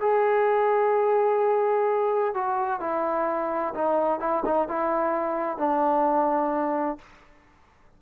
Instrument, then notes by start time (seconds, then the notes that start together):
trombone
0.00 G#4
2.34 F#4
2.80 E4
3.74 D#4
4.20 E4
4.45 D#4
4.68 E4
5.58 D4